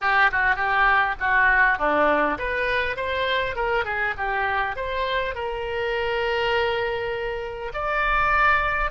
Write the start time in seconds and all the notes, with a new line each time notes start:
0.01 G4
0.31 F#4
0.55 G4
1.20 F#4
1.78 D4
2.38 B4
2.96 C5
3.55 A#4
3.84 G#4
4.17 G4
4.76 C5
5.34 A#4
7.73 D5